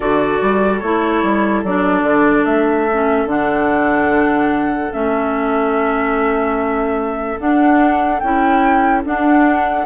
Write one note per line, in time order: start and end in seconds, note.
0.00 0.39 D3
0.00 0.82 F#4
0.00 9.85 A4
0.00 0.79 D5
0.41 0.82 G3
0.79 1.23 A3
0.79 1.65 E4
0.79 1.61 C#5
1.23 1.63 G3
1.63 2.03 F#3
1.63 2.89 D4
1.63 2.45 D5
2.03 2.44 D3
2.45 3.25 A3
2.45 3.27 E5
2.92 3.27 C#4
3.25 4.90 D3
3.25 4.91 D4
3.25 4.92 F#5
4.91 7.38 A3
4.91 7.38 C#4
4.91 7.39 E5
7.38 8.21 D4
7.38 8.19 F#5
8.19 9.04 C#4
8.19 9.04 E4
8.19 9.01 G5
9.04 9.85 D4
9.04 9.85 F#5